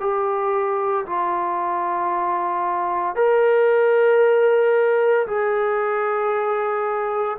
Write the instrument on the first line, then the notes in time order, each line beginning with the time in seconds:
trombone
0.00 G4
1.06 F4
3.16 A#4
5.27 G#4